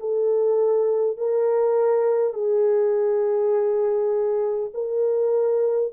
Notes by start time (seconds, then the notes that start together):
0.00 A4
1.18 A#4
2.34 G#4
4.74 A#4